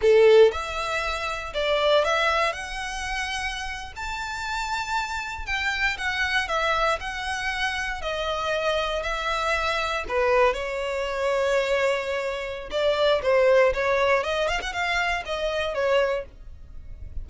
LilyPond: \new Staff \with { instrumentName = "violin" } { \time 4/4 \tempo 4 = 118 a'4 e''2 d''4 | e''4 fis''2~ fis''8. a''16~ | a''2~ a''8. g''4 fis''16~ | fis''8. e''4 fis''2 dis''16~ |
dis''4.~ dis''16 e''2 b'16~ | b'8. cis''2.~ cis''16~ | cis''4 d''4 c''4 cis''4 | dis''8 f''16 fis''16 f''4 dis''4 cis''4 | }